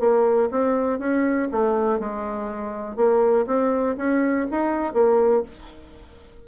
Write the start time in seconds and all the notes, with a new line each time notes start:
0.00 A#3
0.51 C4
0.99 C#4
1.52 A3
2.00 G#3
2.96 A#3
3.47 C4
3.98 C#4
4.51 D#4
4.94 A#3